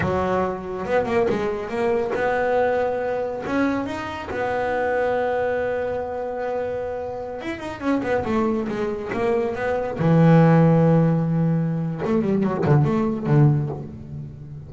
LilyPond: \new Staff \with { instrumentName = "double bass" } { \time 4/4 \tempo 4 = 140 fis2 b8 ais8 gis4 | ais4 b2. | cis'4 dis'4 b2~ | b1~ |
b4~ b16 e'8 dis'8 cis'8 b8 a8.~ | a16 gis4 ais4 b4 e8.~ | e1 | a8 g8 fis8 d8 a4 d4 | }